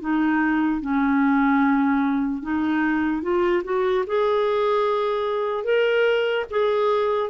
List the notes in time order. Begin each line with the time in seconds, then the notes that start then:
0.00 D#4
0.81 C#4
2.42 D#4
3.22 F4
3.64 F#4
4.07 G#4
5.64 A#4
6.50 G#4